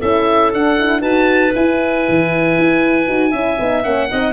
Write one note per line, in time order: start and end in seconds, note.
0.00 0.53 C#4
0.00 0.53 E4
0.00 1.01 A4
0.00 0.53 E5
0.53 0.78 D4
0.53 1.03 D4
0.53 1.02 F#5
0.79 1.02 E4
1.01 1.54 D#4
1.01 1.53 F#4
1.01 3.31 B4
1.01 1.54 A5
1.55 3.07 E4
1.55 2.07 E4
1.55 3.84 G#5
2.09 2.59 E3
2.59 3.09 E4
3.07 3.34 D#4
3.07 3.33 F#4
3.31 3.59 C#4
3.31 3.60 E4
3.31 4.08 E5
3.59 3.85 B3
3.59 3.84 D#4
3.84 4.11 A#3
3.84 4.10 C#4
3.84 4.34 F#5
4.10 4.34 C4
4.10 4.34 D#4
4.10 4.34 D#5